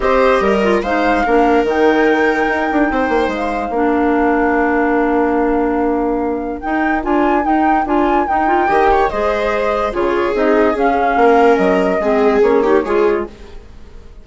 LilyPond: <<
  \new Staff \with { instrumentName = "flute" } { \time 4/4 \tempo 4 = 145 dis''2 f''2 | g''1 | f''1~ | f''1 |
g''4 gis''4 g''4 gis''4 | g''2 dis''2 | cis''4 dis''4 f''2 | dis''2 cis''2 | }
  \new Staff \with { instrumentName = "viola" } { \time 4/4 c''4 ais'4 c''4 ais'4~ | ais'2. c''4~ | c''4 ais'2.~ | ais'1~ |
ais'1~ | ais'4 dis''8 cis''8 c''2 | gis'2. ais'4~ | ais'4 gis'4. g'8 gis'4 | }
  \new Staff \with { instrumentName = "clarinet" } { \time 4/4 g'4. f'8 dis'4 d'4 | dis'1~ | dis'4 d'2.~ | d'1 |
dis'4 f'4 dis'4 f'4 | dis'8 f'8 g'4 gis'2 | f'4 dis'4 cis'2~ | cis'4 c'4 cis'8 dis'8 f'4 | }
  \new Staff \with { instrumentName = "bassoon" } { \time 4/4 c'4 g4 gis4 ais4 | dis2 dis'8 d'8 c'8 ais8 | gis4 ais2.~ | ais1 |
dis'4 d'4 dis'4 d'4 | dis'4 dis4 gis2 | cis4 c'4 cis'4 ais4 | fis4 gis4 ais4 gis4 | }
>>